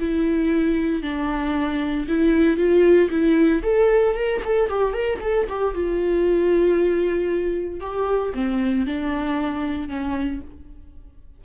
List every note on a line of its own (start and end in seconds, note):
0.00 1.03 E4
1.03 2.07 D4
2.08 2.57 E4
2.57 3.09 F4
3.10 3.63 E4
3.63 4.15 A4
4.15 4.41 A#4
4.45 4.69 A4
4.69 4.94 G4
4.94 5.20 A#4
5.21 5.47 A4
5.49 5.75 G4
5.75 7.81 F4
7.81 8.33 G4
8.35 8.86 C4
8.86 9.89 D4
9.89 10.41 C#4